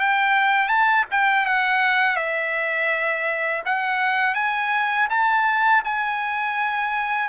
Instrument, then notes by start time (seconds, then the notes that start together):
trumpet
0.00 G5
0.69 A5
1.11 G5
1.46 F#5
2.16 E5
3.66 F#5
4.35 G#5
5.10 A5
5.85 G#5